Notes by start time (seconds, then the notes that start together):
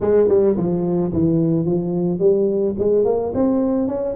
0.00 G#3
0.28 G3
0.56 F3
1.12 E3
1.65 F3
2.19 G3
2.78 G#3
3.05 A#3
3.34 C4
3.87 C#4